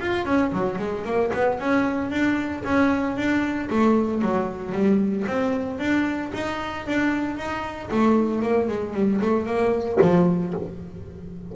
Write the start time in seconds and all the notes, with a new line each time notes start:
0.00 F4
0.26 C#4
0.52 F#3
0.79 G#3
1.05 A#3
1.33 B3
1.59 C#4
2.11 D4
2.64 C#4
3.17 D4
3.70 A3
4.22 F#3
4.72 G3
5.28 C4
5.79 D4
6.34 D#4
6.87 D4
7.37 D#4
7.91 A3
8.42 A#3
8.68 G#3
8.94 G3
9.22 A3
9.46 A#3
10.01 F3